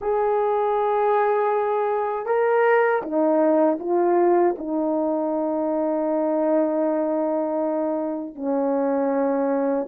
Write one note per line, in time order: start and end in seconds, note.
0.01 2.26 G#4
2.26 3.02 A#4
3.02 3.78 D#4
3.79 4.55 F4
4.58 8.35 D#4
8.35 9.87 C#4